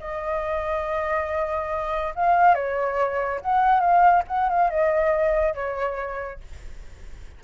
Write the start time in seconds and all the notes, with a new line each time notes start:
0.00 D#5
2.15 F5
2.55 C#5
3.41 F#5
3.80 F5
4.28 F#5
4.50 F5
4.70 D#5
5.55 C#5